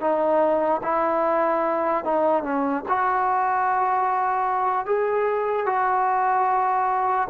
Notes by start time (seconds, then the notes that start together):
0.00 D#4
0.83 E4
2.04 D#4
2.43 C#4
2.88 F#4
4.86 G#4
5.66 F#4